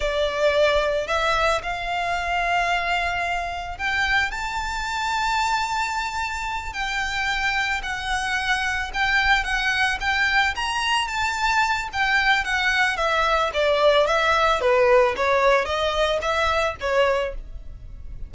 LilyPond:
\new Staff \with { instrumentName = "violin" } { \time 4/4 \tempo 4 = 111 d''2 e''4 f''4~ | f''2. g''4 | a''1~ | a''8 g''2 fis''4.~ |
fis''8 g''4 fis''4 g''4 ais''8~ | ais''8 a''4. g''4 fis''4 | e''4 d''4 e''4 b'4 | cis''4 dis''4 e''4 cis''4 | }